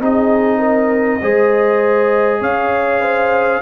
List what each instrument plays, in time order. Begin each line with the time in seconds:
0.00 tuba C4, trombone D#4, horn G#4, trumpet D#5
0.59 horn A#4
1.22 tuba G#3, trombone G#4, horn C5
2.41 tuba C#4, horn C#5, trumpet F5
3.01 horn C5